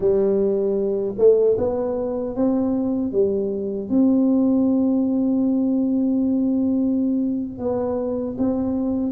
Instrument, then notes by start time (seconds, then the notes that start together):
tuba
0.00 G3
1.18 A3
1.57 B3
2.35 C4
3.12 G3
3.89 C4
7.58 B3
8.38 C4